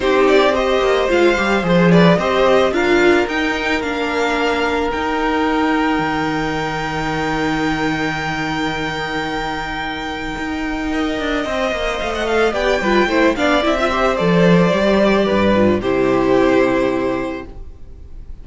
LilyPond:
<<
  \new Staff \with { instrumentName = "violin" } { \time 4/4 \tempo 4 = 110 c''8 d''8 dis''4 f''4 c''8 d''8 | dis''4 f''4 g''4 f''4~ | f''4 g''2.~ | g''1~ |
g''1~ | g''2 f''16 fis''16 f''8 g''4~ | g''8 f''8 e''4 d''2~ | d''4 c''2. | }
  \new Staff \with { instrumentName = "violin" } { \time 4/4 g'4 c''2~ c''8 b'8 | c''4 ais'2.~ | ais'1~ | ais'1~ |
ais'1 | dis''2. d''8 b'8 | c''8 d''8. e''16 c''2~ c''8 | b'4 g'2. | }
  \new Staff \with { instrumentName = "viola" } { \time 4/4 dis'4 g'4 f'8 g'8 gis'4 | g'4 f'4 dis'4 d'4~ | d'4 dis'2.~ | dis'1~ |
dis'1 | ais'4 c''4. a'8 g'8 f'8 | e'8 d'8 e'16 f'16 g'8 a'4 g'4~ | g'8 f'8 e'2. | }
  \new Staff \with { instrumentName = "cello" } { \time 4/4 c'4. ais8 gis8 g8 f4 | c'4 d'4 dis'4 ais4~ | ais4 dis'2 dis4~ | dis1~ |
dis2. dis'4~ | dis'8 d'8 c'8 ais8 a4 b8 g8 | a8 b8 c'4 f4 g4 | g,4 c2. | }
>>